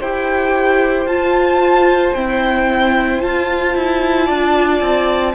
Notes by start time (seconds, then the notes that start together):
0.00 E4 G4 C5 G5
1.06 F4 A5
2.14 C4 E4 G5
3.19 F4 A5
3.75 E4
4.25 D4 D5
4.81 C4